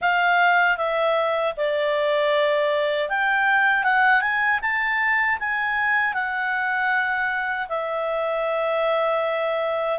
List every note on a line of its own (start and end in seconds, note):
0.01 0.77 F5
0.77 1.54 E5
1.57 3.09 D5
3.09 3.83 G5
3.83 4.21 F#5
4.21 4.59 G#5
4.61 5.38 A5
5.39 6.13 G#5
6.13 7.67 F#5
7.69 9.99 E5